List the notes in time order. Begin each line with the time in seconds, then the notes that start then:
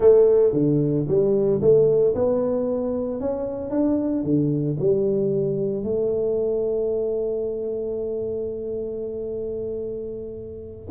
0.00 A3
0.52 D3
1.07 G3
1.61 A3
2.14 B3
3.20 C#4
3.70 D4
4.23 D3
4.79 G3
5.83 A3